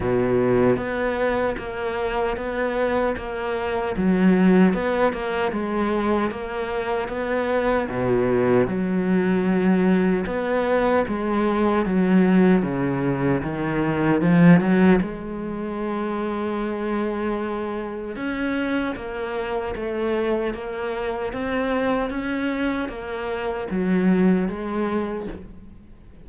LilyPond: \new Staff \with { instrumentName = "cello" } { \time 4/4 \tempo 4 = 76 b,4 b4 ais4 b4 | ais4 fis4 b8 ais8 gis4 | ais4 b4 b,4 fis4~ | fis4 b4 gis4 fis4 |
cis4 dis4 f8 fis8 gis4~ | gis2. cis'4 | ais4 a4 ais4 c'4 | cis'4 ais4 fis4 gis4 | }